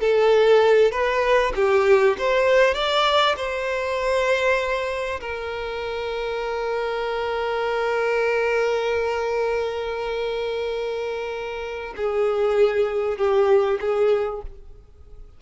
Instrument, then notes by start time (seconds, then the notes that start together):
violin
0.00 A4
0.91 B4
1.55 G4
2.18 C5
2.74 D5
3.36 C5
5.20 A#4
11.96 G#4
13.17 G4
13.80 G#4